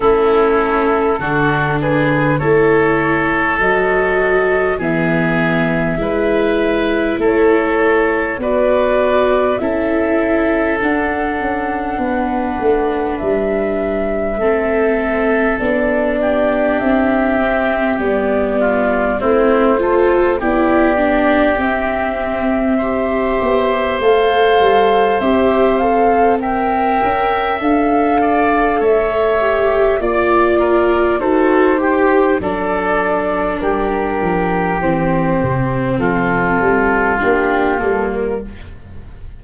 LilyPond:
<<
  \new Staff \with { instrumentName = "flute" } { \time 4/4 \tempo 4 = 50 a'4. b'8 cis''4 dis''4 | e''2 cis''4 d''4 | e''4 fis''2 e''4~ | e''4 d''4 e''4 d''4 |
c''4 d''4 e''2 | f''4 e''8 f''8 g''4 f''4 | e''4 d''4 c''4 d''4 | ais'4 c''4 a'4 g'8 a'16 ais'16 | }
  \new Staff \with { instrumentName = "oboe" } { \time 4/4 e'4 fis'8 gis'8 a'2 | gis'4 b'4 a'4 b'4 | a'2 b'2 | a'4. g'2 f'8 |
e'8 a'8 g'2 c''4~ | c''2 e''4. d''8 | cis''4 d''8 ais'8 a'8 g'8 a'4 | g'2 f'2 | }
  \new Staff \with { instrumentName = "viola" } { \time 4/4 cis'4 d'4 e'4 fis'4 | b4 e'2 fis'4 | e'4 d'2. | c'4 d'4. c'8 b4 |
c'8 f'8 e'8 d'8 c'4 g'4 | a'4 g'8 a'8 ais'4 a'4~ | a'8 g'8 f'4 fis'8 g'8 d'4~ | d'4 c'2 d'8 ais8 | }
  \new Staff \with { instrumentName = "tuba" } { \time 4/4 a4 d4 a4 fis4 | e4 gis4 a4 b4 | cis'4 d'8 cis'8 b8 a8 g4 | a4 b4 c'4 g4 |
a4 b4 c'4. b8 | a8 g8 c'4. cis'8 d'4 | a4 ais4 dis'4 fis4 | g8 f8 e8 c8 f8 g8 ais8 g8 | }
>>